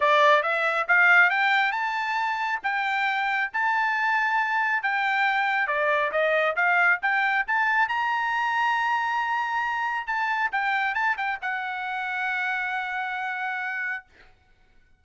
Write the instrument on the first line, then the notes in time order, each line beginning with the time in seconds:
trumpet
0.00 D5
0.43 E5
0.87 F5
1.30 G5
1.72 A5
2.63 G5
3.53 A5
4.83 G5
5.67 D5
6.11 D#5
6.56 F5
7.02 G5
7.47 A5
7.88 A#5
10.06 A5
10.52 G5
10.94 A5
11.17 G5
11.41 F#5